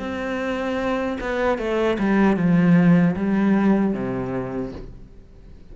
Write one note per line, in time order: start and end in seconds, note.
0.00 1.18 C4
1.21 1.58 B3
1.58 1.98 A3
1.99 2.37 G3
2.37 3.16 F3
3.17 3.94 G3
3.94 4.73 C3